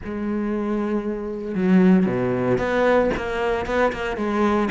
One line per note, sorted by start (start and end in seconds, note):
0.04 1.54 G#3
1.54 2.06 F#3
2.06 2.58 B2
2.58 3.10 B3
3.16 3.66 A#3
3.66 3.92 B3
3.92 4.16 A#3
4.16 4.69 G#3